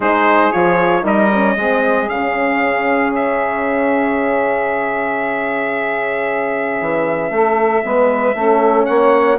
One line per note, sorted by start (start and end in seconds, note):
0.00 0.51 G#3
0.00 0.52 D#4
0.00 1.02 G#4
0.00 0.51 C5
0.51 1.03 F3
0.51 1.02 F4
0.51 1.04 C#5
1.02 1.55 G3
1.02 1.28 D#4
1.02 1.54 A#4
1.02 2.08 D#5
1.32 1.58 C#4
1.56 2.09 G#3
1.56 2.08 C4
1.56 7.30 G#4
2.08 6.80 C#3
2.08 7.82 C#4
2.08 3.13 F5
3.15 8.85 E5
6.80 7.30 E3
7.30 7.82 A3
7.30 7.83 A4
7.83 8.34 G#3
7.83 8.34 B3
7.83 8.35 B4
8.34 8.86 A3
8.34 9.39 C#4
8.34 8.85 A4
8.85 9.39 A#3
8.85 9.38 C#5
8.85 9.37 F#5